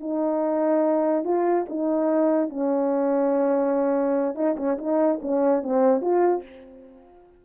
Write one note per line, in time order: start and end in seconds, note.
0.00 1.24 D#4
1.24 1.66 F4
1.69 2.49 D#4
2.49 4.35 C#4
4.35 4.56 D#4
4.56 4.77 C#4
4.78 5.20 D#4
5.22 5.63 C#4
5.63 6.01 C4
6.01 6.43 F4